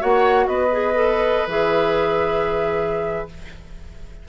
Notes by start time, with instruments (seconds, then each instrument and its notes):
0.00 bassoon A#3, clarinet F#4, oboe C#5, flute F#5
0.47 bassoon B3, oboe B4, flute D#5
0.72 clarinet G#4
0.94 clarinet A4
1.47 bassoon E3, clarinet G#4, flute E5